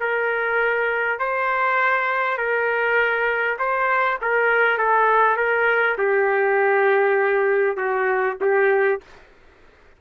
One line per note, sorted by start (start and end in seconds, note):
0.00 1.19 A#4
1.19 2.38 C5
2.38 3.58 A#4
3.59 4.19 C5
4.22 4.78 A#4
4.78 5.37 A4
5.37 5.97 A#4
5.98 7.77 G4
7.77 8.37 F#4
8.41 9.01 G4